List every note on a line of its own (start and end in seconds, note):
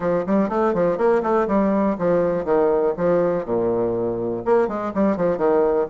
0.00 0.24 F3
0.26 0.49 G3
0.49 0.74 A3
0.74 0.97 F3
0.97 1.22 A#3
1.22 1.47 A3
1.47 1.96 G3
1.98 2.45 F3
2.45 2.94 D#3
2.97 3.45 F3
3.45 4.43 A#2
4.45 4.67 A#3
4.67 4.92 G#3
4.94 5.17 G3
5.17 5.37 F3
5.37 5.87 D#3